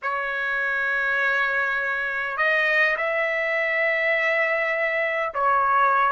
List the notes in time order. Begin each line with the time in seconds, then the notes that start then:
0.02 C#5
2.37 D#5
2.96 E5
5.34 C#5